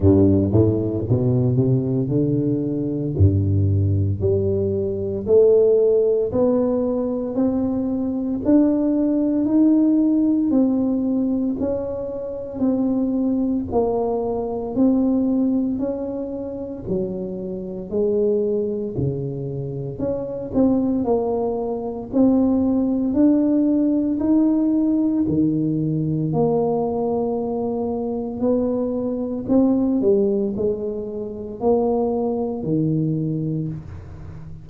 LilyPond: \new Staff \with { instrumentName = "tuba" } { \time 4/4 \tempo 4 = 57 g,8 a,8 b,8 c8 d4 g,4 | g4 a4 b4 c'4 | d'4 dis'4 c'4 cis'4 | c'4 ais4 c'4 cis'4 |
fis4 gis4 cis4 cis'8 c'8 | ais4 c'4 d'4 dis'4 | dis4 ais2 b4 | c'8 g8 gis4 ais4 dis4 | }